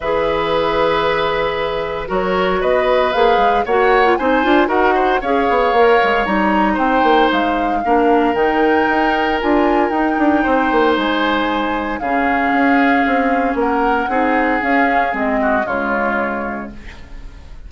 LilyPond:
<<
  \new Staff \with { instrumentName = "flute" } { \time 4/4 \tempo 4 = 115 e''1 | cis''4 dis''4 f''4 fis''4 | gis''4 fis''4 f''2 | ais''4 g''4 f''2 |
g''2 gis''4 g''4~ | g''4 gis''2 f''4~ | f''2 fis''2 | f''4 dis''4 cis''2 | }
  \new Staff \with { instrumentName = "oboe" } { \time 4/4 b'1 | ais'4 b'2 cis''4 | c''4 ais'8 c''8 cis''2~ | cis''4 c''2 ais'4~ |
ais'1 | c''2. gis'4~ | gis'2 ais'4 gis'4~ | gis'4. fis'8 f'2 | }
  \new Staff \with { instrumentName = "clarinet" } { \time 4/4 gis'1 | fis'2 gis'4 fis'8. f'16 | dis'8 f'8 fis'4 gis'4 ais'4 | dis'2. d'4 |
dis'2 f'4 dis'4~ | dis'2. cis'4~ | cis'2. dis'4 | cis'4 c'4 gis2 | }
  \new Staff \with { instrumentName = "bassoon" } { \time 4/4 e1 | fis4 b4 ais8 gis8 ais4 | c'8 d'8 dis'4 cis'8 b8 ais8 gis8 | g4 c'8 ais8 gis4 ais4 |
dis4 dis'4 d'4 dis'8 d'8 | c'8 ais8 gis2 cis4 | cis'4 c'4 ais4 c'4 | cis'4 gis4 cis2 | }
>>